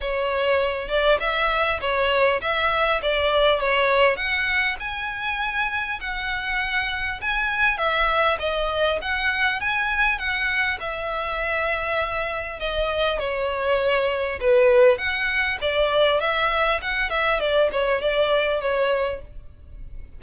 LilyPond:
\new Staff \with { instrumentName = "violin" } { \time 4/4 \tempo 4 = 100 cis''4. d''8 e''4 cis''4 | e''4 d''4 cis''4 fis''4 | gis''2 fis''2 | gis''4 e''4 dis''4 fis''4 |
gis''4 fis''4 e''2~ | e''4 dis''4 cis''2 | b'4 fis''4 d''4 e''4 | fis''8 e''8 d''8 cis''8 d''4 cis''4 | }